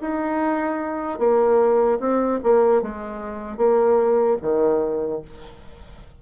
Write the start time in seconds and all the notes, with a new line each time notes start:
0.00 D#4
1.19 A#3
1.99 C4
2.43 A#3
2.82 G#3
3.57 A#3
4.41 D#3